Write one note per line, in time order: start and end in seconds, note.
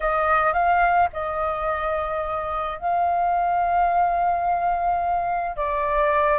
0.00 0.53 D#5
0.53 1.08 F5
1.12 2.78 D#5
2.78 5.56 F5
5.56 6.39 D5